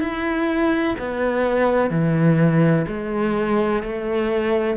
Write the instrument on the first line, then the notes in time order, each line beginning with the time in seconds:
cello
0.00 E4
0.98 B3
1.90 E3
2.87 G#3
3.82 A3